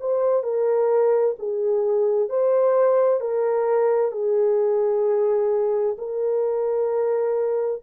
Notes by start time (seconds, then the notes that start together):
0.00 C5
0.43 A#4
1.39 G#4
2.29 C5
3.21 A#4
4.12 G#4
5.98 A#4